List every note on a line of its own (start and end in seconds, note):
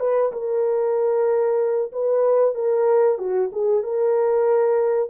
0.00 0.32 B4
0.33 1.92 A#4
1.93 2.55 B4
2.55 3.19 A#4
3.19 3.50 F#4
3.53 3.83 G#4
3.83 5.10 A#4